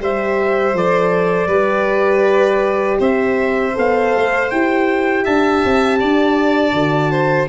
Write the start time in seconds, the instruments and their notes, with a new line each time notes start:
0.00 tuba G3, horn G4, violin C5, trumpet E5
0.74 tuba F3, horn A4, trumpet D5
1.47 tuba G3, horn G4, violin B4
3.00 tuba C4, violin C5, trumpet E5
3.74 tuba B3, horn A4, trumpet F5
4.16 tuba A3
4.51 tuba E4, horn G4, trumpet G5
5.24 tuba D4, violin E5, trumpet A5
5.65 tuba C4
6.00 tuba D4, violin D5
6.73 tuba D3, horn F#4
7.12 violin C5